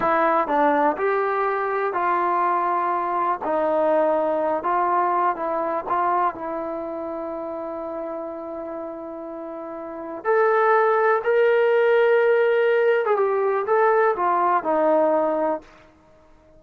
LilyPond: \new Staff \with { instrumentName = "trombone" } { \time 4/4 \tempo 4 = 123 e'4 d'4 g'2 | f'2. dis'4~ | dis'4. f'4. e'4 | f'4 e'2.~ |
e'1~ | e'4 a'2 ais'4~ | ais'2~ ais'8. gis'16 g'4 | a'4 f'4 dis'2 | }